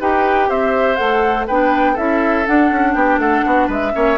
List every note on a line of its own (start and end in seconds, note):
0.00 0.49 D#4
0.00 0.97 G4
0.00 0.49 B4
0.00 0.50 G5
0.49 0.99 C4
0.49 1.47 C5
0.49 0.96 E5
0.96 1.48 A3
0.96 1.46 A4
0.96 1.45 F#5
1.47 1.97 B3
1.47 1.96 D4
1.47 1.93 B4
1.47 1.97 G5
1.93 2.46 C#4
1.93 2.45 E4
1.93 2.91 A4
1.93 2.46 E5
2.46 3.93 D4
2.46 2.71 D4
2.46 2.94 F#5
2.71 2.95 C#4
2.94 3.18 B3
2.94 3.20 G4
2.94 3.18 G5
3.18 3.43 A3
3.18 3.45 A4
3.18 3.68 F#5
3.46 3.68 B3
3.46 3.67 F#4
3.67 3.93 G#3
3.67 3.91 B4
3.67 4.18 E5
3.93 4.18 A#3
3.93 4.17 C#4
3.93 4.18 C#5